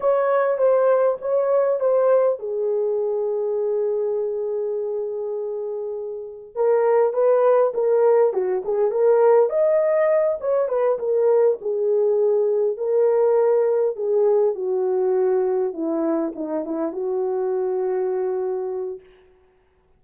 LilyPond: \new Staff \with { instrumentName = "horn" } { \time 4/4 \tempo 4 = 101 cis''4 c''4 cis''4 c''4 | gis'1~ | gis'2. ais'4 | b'4 ais'4 fis'8 gis'8 ais'4 |
dis''4. cis''8 b'8 ais'4 gis'8~ | gis'4. ais'2 gis'8~ | gis'8 fis'2 e'4 dis'8 | e'8 fis'2.~ fis'8 | }